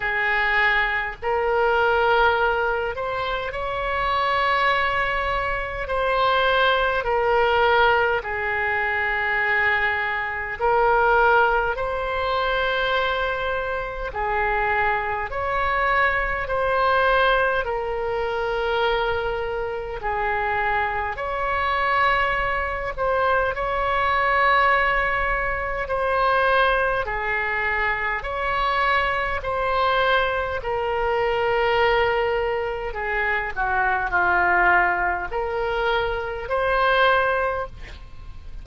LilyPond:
\new Staff \with { instrumentName = "oboe" } { \time 4/4 \tempo 4 = 51 gis'4 ais'4. c''8 cis''4~ | cis''4 c''4 ais'4 gis'4~ | gis'4 ais'4 c''2 | gis'4 cis''4 c''4 ais'4~ |
ais'4 gis'4 cis''4. c''8 | cis''2 c''4 gis'4 | cis''4 c''4 ais'2 | gis'8 fis'8 f'4 ais'4 c''4 | }